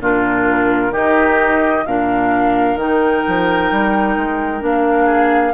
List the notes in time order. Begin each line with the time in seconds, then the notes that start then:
0.00 A#2 D4 F4 A#4
0.91 D#3 D#4 G4 D#5
1.85 A#2 D4 A#4 F5
2.76 D#3 D#4 G5
3.27 F3
3.71 G3
4.17 G#3
4.60 A#3 D4 F5
5.06 G#4